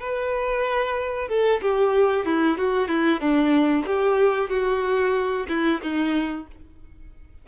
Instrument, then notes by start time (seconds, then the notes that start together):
violin
0.00 B4
1.29 A4
1.62 G4
2.26 E4
2.58 F#4
2.88 E4
3.21 D4
3.87 G4
4.50 F#4
5.49 E4
5.82 D#4